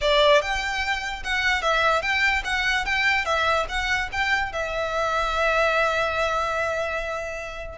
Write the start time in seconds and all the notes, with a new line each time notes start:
0.01 D5
0.41 G5
1.23 F#5
1.61 E5
2.02 G5
2.44 F#5
2.85 G5
3.25 E5
3.68 F#5
4.12 G5
4.52 E5